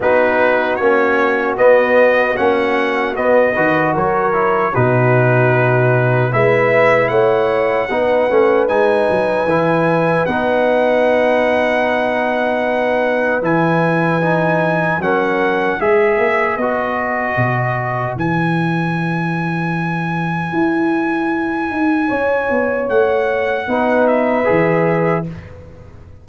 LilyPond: <<
  \new Staff \with { instrumentName = "trumpet" } { \time 4/4 \tempo 4 = 76 b'4 cis''4 dis''4 fis''4 | dis''4 cis''4 b'2 | e''4 fis''2 gis''4~ | gis''4 fis''2.~ |
fis''4 gis''2 fis''4 | e''4 dis''2 gis''4~ | gis''1~ | gis''4 fis''4. e''4. | }
  \new Staff \with { instrumentName = "horn" } { \time 4/4 fis'1~ | fis'8 b'8 ais'4 fis'2 | b'4 cis''4 b'2~ | b'1~ |
b'2. ais'4 | b'1~ | b'1 | cis''2 b'2 | }
  \new Staff \with { instrumentName = "trombone" } { \time 4/4 dis'4 cis'4 b4 cis'4 | b8 fis'4 e'8 dis'2 | e'2 dis'8 cis'8 dis'4 | e'4 dis'2.~ |
dis'4 e'4 dis'4 cis'4 | gis'4 fis'2 e'4~ | e'1~ | e'2 dis'4 gis'4 | }
  \new Staff \with { instrumentName = "tuba" } { \time 4/4 b4 ais4 b4 ais4 | b8 dis8 fis4 b,2 | gis4 a4 b8 a8 gis8 fis8 | e4 b2.~ |
b4 e2 fis4 | gis8 ais8 b4 b,4 e4~ | e2 e'4. dis'8 | cis'8 b8 a4 b4 e4 | }
>>